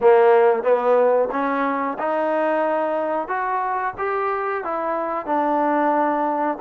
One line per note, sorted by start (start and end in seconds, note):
0.01 0.63 A#3
0.63 1.29 B3
1.31 1.97 C#4
1.98 3.28 D#4
3.28 3.94 F#4
3.98 4.63 G4
4.63 5.26 E4
5.26 6.58 D4